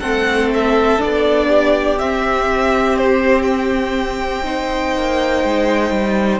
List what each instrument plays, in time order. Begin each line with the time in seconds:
0.00 cello A3, viola C4, violin A4 F#5
0.53 violin E5
0.98 cello B3, viola D4, violin D5
1.47 violin G4
1.99 cello C4, viola C4, violin E5
2.97 violin C5
3.42 violin G5
4.44 viola D#4, violin C5
4.95 cello A#3
5.43 cello G#3
5.90 cello G3